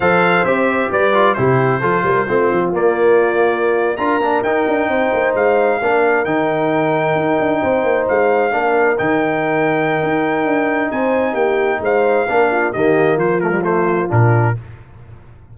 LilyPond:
<<
  \new Staff \with { instrumentName = "trumpet" } { \time 4/4 \tempo 4 = 132 f''4 e''4 d''4 c''4~ | c''2 d''2~ | d''8. ais''4 g''2 f''16~ | f''4.~ f''16 g''2~ g''16~ |
g''4.~ g''16 f''2 g''16~ | g''1 | gis''4 g''4 f''2 | dis''4 c''8 ais'8 c''4 ais'4 | }
  \new Staff \with { instrumentName = "horn" } { \time 4/4 c''2 b'4 g'4 | a'8 ais'8 f'2.~ | f'8. ais'2 c''4~ c''16~ | c''8. ais'2.~ ais'16~ |
ais'8. c''2 ais'4~ ais'16~ | ais'1 | c''4 g'4 c''4 ais'8 f'8 | g'4 f'2. | }
  \new Staff \with { instrumentName = "trombone" } { \time 4/4 a'4 g'4. f'8 e'4 | f'4 c'4 ais2~ | ais8. f'8 d'8 dis'2~ dis'16~ | dis'8. d'4 dis'2~ dis'16~ |
dis'2~ dis'8. d'4 dis'16~ | dis'1~ | dis'2. d'4 | ais4. a16 g16 a4 d'4 | }
  \new Staff \with { instrumentName = "tuba" } { \time 4/4 f4 c'4 g4 c4 | f8 g8 a8 f8 ais2~ | ais8. d'8 ais8 dis'8 d'8 c'8 ais8 gis16~ | gis8. ais4 dis2 dis'16~ |
dis'16 d'8 c'8 ais8 gis4 ais4 dis16~ | dis2 dis'4 d'4 | c'4 ais4 gis4 ais4 | dis4 f2 ais,4 | }
>>